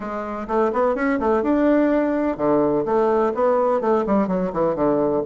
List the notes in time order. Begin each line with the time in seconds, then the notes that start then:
0.00 G#3
0.47 A3
0.73 B3
0.95 C#4
1.19 A3
1.42 D4
2.37 D3
2.85 A3
3.34 B3
3.81 A3
4.06 G3
4.27 F#3
4.53 E3
4.75 D3